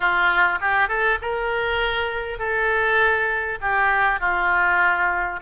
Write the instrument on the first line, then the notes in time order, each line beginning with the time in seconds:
oboe
0.00 F4
0.60 G4
0.88 A4
1.21 A#4
2.38 A4
3.61 G4
4.19 F4